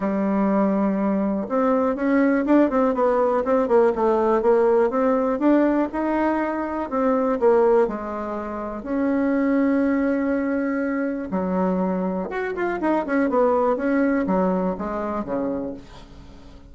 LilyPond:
\new Staff \with { instrumentName = "bassoon" } { \time 4/4 \tempo 4 = 122 g2. c'4 | cis'4 d'8 c'8 b4 c'8 ais8 | a4 ais4 c'4 d'4 | dis'2 c'4 ais4 |
gis2 cis'2~ | cis'2. fis4~ | fis4 fis'8 f'8 dis'8 cis'8 b4 | cis'4 fis4 gis4 cis4 | }